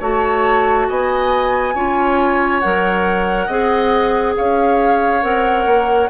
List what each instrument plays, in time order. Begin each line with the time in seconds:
0.00 bassoon A3, clarinet F#4, oboe C#5, flute A5
0.89 bassoon B3, oboe D#5, flute G#5
1.75 bassoon C#4, clarinet F4, oboe C#5
2.60 bassoon F#3, clarinet A#4, flute F#5
3.47 bassoon C4, clarinet G#4, oboe D#5
4.37 bassoon C#4, oboe C#5, flute F5
5.23 bassoon C4, clarinet A#4, flute F#5
5.66 bassoon A#3